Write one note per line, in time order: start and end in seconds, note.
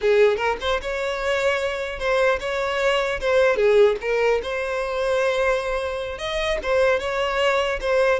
0.01 0.36 G#4
0.36 0.56 A#4
0.60 0.80 C5
0.81 1.99 C#5
1.99 2.39 C5
2.40 3.20 C#5
3.20 3.56 C5
3.56 3.96 G#4
4.01 4.41 A#4
4.43 6.18 C5
6.18 6.58 D#5
6.63 6.99 C5
6.99 7.79 C#5
7.80 8.19 C5